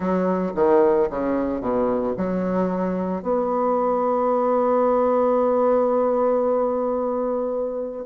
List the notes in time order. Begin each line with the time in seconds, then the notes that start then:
0.00 F#3
0.55 D#3
1.10 C#3
1.60 B2
2.17 F#3
3.22 B3